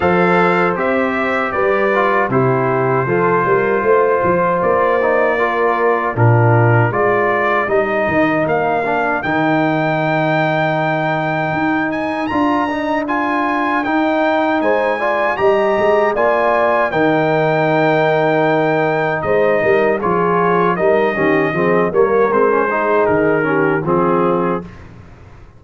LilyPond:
<<
  \new Staff \with { instrumentName = "trumpet" } { \time 4/4 \tempo 4 = 78 f''4 e''4 d''4 c''4~ | c''2 d''2 | ais'4 d''4 dis''4 f''4 | g''2.~ g''8 gis''8 |
ais''4 gis''4 g''4 gis''4 | ais''4 gis''4 g''2~ | g''4 dis''4 cis''4 dis''4~ | dis''8 cis''8 c''4 ais'4 gis'4 | }
  \new Staff \with { instrumentName = "horn" } { \time 4/4 c''2 b'4 g'4 | a'8 ais'8 c''2 ais'4 | f'4 ais'2.~ | ais'1~ |
ais'2. c''8 d''8 | dis''4 d''4 ais'2~ | ais'4 c''8 ais'8 gis'4 ais'8 g'8 | gis'8 ais'4 gis'4 g'8 f'4 | }
  \new Staff \with { instrumentName = "trombone" } { \time 4/4 a'4 g'4. f'8 e'4 | f'2~ f'8 dis'8 f'4 | d'4 f'4 dis'4. d'8 | dis'1 |
f'8 dis'8 f'4 dis'4. f'8 | g'4 f'4 dis'2~ | dis'2 f'4 dis'8 cis'8 | c'8 ais8 c'16 cis'16 dis'4 cis'8 c'4 | }
  \new Staff \with { instrumentName = "tuba" } { \time 4/4 f4 c'4 g4 c4 | f8 g8 a8 f8 ais2 | ais,4 gis4 g8 dis8 ais4 | dis2. dis'4 |
d'2 dis'4 gis4 | g8 gis8 ais4 dis2~ | dis4 gis8 g8 f4 g8 dis8 | f8 g8 gis4 dis4 f4 | }
>>